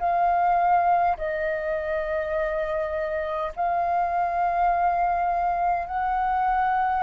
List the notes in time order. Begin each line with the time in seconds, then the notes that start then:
0.00 F5
1.18 D#5
3.56 F5
5.87 F#5